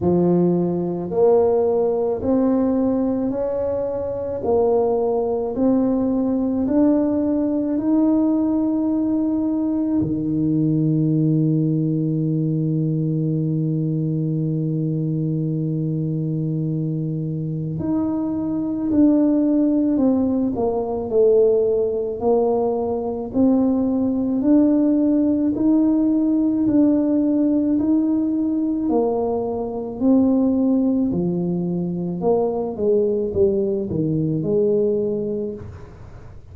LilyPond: \new Staff \with { instrumentName = "tuba" } { \time 4/4 \tempo 4 = 54 f4 ais4 c'4 cis'4 | ais4 c'4 d'4 dis'4~ | dis'4 dis2.~ | dis1 |
dis'4 d'4 c'8 ais8 a4 | ais4 c'4 d'4 dis'4 | d'4 dis'4 ais4 c'4 | f4 ais8 gis8 g8 dis8 gis4 | }